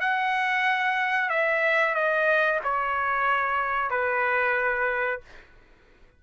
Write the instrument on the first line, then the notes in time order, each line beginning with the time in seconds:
trumpet
0.00 F#5
1.29 E5
1.94 D#5
2.64 C#5
3.90 B4